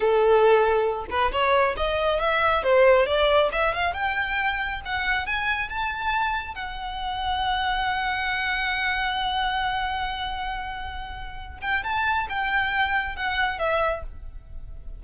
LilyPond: \new Staff \with { instrumentName = "violin" } { \time 4/4 \tempo 4 = 137 a'2~ a'8 b'8 cis''4 | dis''4 e''4 c''4 d''4 | e''8 f''8 g''2 fis''4 | gis''4 a''2 fis''4~ |
fis''1~ | fis''1~ | fis''2~ fis''8 g''8 a''4 | g''2 fis''4 e''4 | }